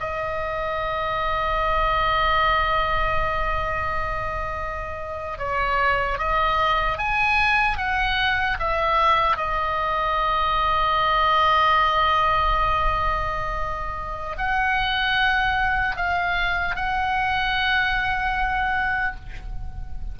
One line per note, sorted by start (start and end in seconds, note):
0.00 5.38 D#5
5.38 6.18 C#5
6.18 6.98 D#5
6.98 7.77 G#5
7.77 8.57 F#5
8.59 9.37 E5
9.37 14.37 D#5
14.37 15.96 F#5
15.96 16.75 F5
16.75 19.15 F#5